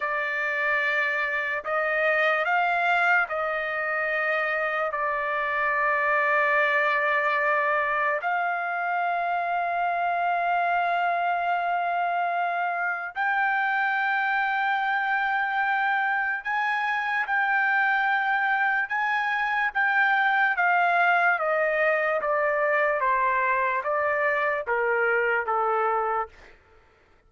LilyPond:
\new Staff \with { instrumentName = "trumpet" } { \time 4/4 \tempo 4 = 73 d''2 dis''4 f''4 | dis''2 d''2~ | d''2 f''2~ | f''1 |
g''1 | gis''4 g''2 gis''4 | g''4 f''4 dis''4 d''4 | c''4 d''4 ais'4 a'4 | }